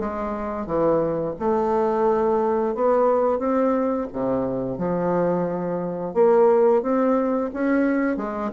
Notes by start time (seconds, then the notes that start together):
0.00 G#3
0.67 E3
1.39 A3
2.75 B3
3.39 C4
4.13 C3
4.79 F3
6.15 A#3
6.83 C4
7.54 C#4
8.17 G#3